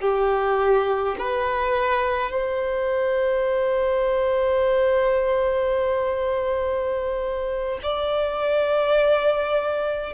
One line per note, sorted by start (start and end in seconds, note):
0.00 1.15 G4
1.18 2.31 B4
2.31 7.79 C5
7.82 10.13 D5